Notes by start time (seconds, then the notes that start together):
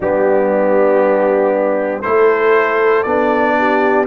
0.00 G3 B3 D4 G4
2.02 A3 E4 A4 C5
3.03 B3 D4 D5
3.57 G4